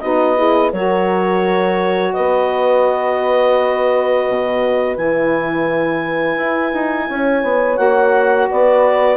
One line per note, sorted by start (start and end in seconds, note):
0.00 0.72 B3
0.00 0.36 D#4
0.00 0.38 F#4
0.00 0.71 D#5
0.36 0.71 E4
0.36 0.73 G#4
0.72 2.14 F#3
0.72 4.95 F#4
0.72 2.13 A#4
0.72 2.13 C#5
2.13 4.28 B3
2.13 7.07 B4
2.13 4.95 D#5
4.28 4.97 B2
4.95 6.37 E3
4.95 7.75 E4
4.95 7.77 G#5
6.37 6.72 E4
6.73 7.09 D#4
7.09 7.43 C#4
7.09 8.50 C#5
7.43 7.78 B3
7.75 8.49 A#3
7.75 9.16 F#4
7.75 8.47 F#5
8.50 9.17 B3
8.50 9.17 B4
8.50 9.17 D5